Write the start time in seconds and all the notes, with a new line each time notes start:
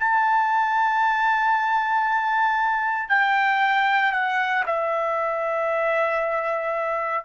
0.00 A5
3.10 G5
4.13 F#5
4.67 E5